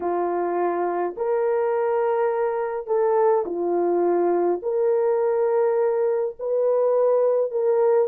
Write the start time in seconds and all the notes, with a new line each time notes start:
0.00 F4
1.17 A#4
2.86 A4
3.45 F4
4.62 A#4
6.39 B4
7.51 A#4